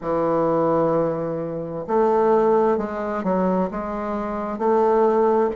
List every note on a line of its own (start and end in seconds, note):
0.01 1.85 E3
1.87 2.77 A3
2.77 3.23 G#3
3.23 3.69 F#3
3.70 4.58 G#3
4.58 5.50 A3